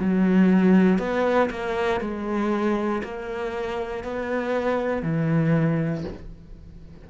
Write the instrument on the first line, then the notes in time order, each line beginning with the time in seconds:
cello
0.00 F#3
0.99 B3
1.50 A#3
2.01 G#3
3.04 A#3
4.04 B3
5.03 E3